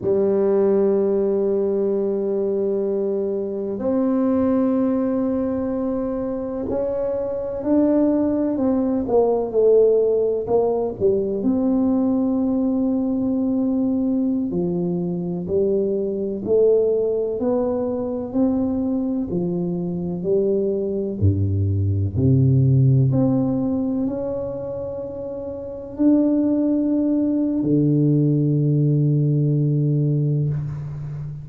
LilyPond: \new Staff \with { instrumentName = "tuba" } { \time 4/4 \tempo 4 = 63 g1 | c'2. cis'4 | d'4 c'8 ais8 a4 ais8 g8 | c'2.~ c'16 f8.~ |
f16 g4 a4 b4 c'8.~ | c'16 f4 g4 g,4 c8.~ | c16 c'4 cis'2 d'8.~ | d'4 d2. | }